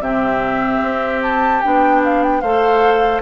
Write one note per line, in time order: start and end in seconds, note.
0.00 0.80 C3
0.00 1.62 C4
0.00 2.42 G4
0.00 1.21 E5
0.82 1.62 C4
1.22 1.62 A5
1.62 2.43 B3
1.62 2.44 D4
1.62 2.02 G5
2.04 2.23 F5
2.23 2.41 G5
2.41 3.22 A3
2.41 3.22 A4
2.41 3.22 C5
2.41 3.21 F5